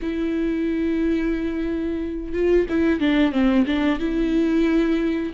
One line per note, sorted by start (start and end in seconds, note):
0.02 2.33 E4
2.33 2.66 F4
2.69 2.99 E4
2.99 3.32 D4
3.32 3.65 C4
3.66 3.99 D4
3.99 5.32 E4